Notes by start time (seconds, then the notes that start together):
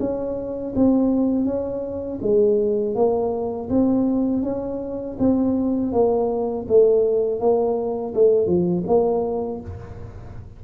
0.00 C#4
0.76 C4
1.45 C#4
2.22 G#3
2.95 A#3
3.69 C4
4.43 C#4
5.19 C4
5.92 A#3
6.68 A3
7.40 A#3
8.14 A3
8.47 F3
8.87 A#3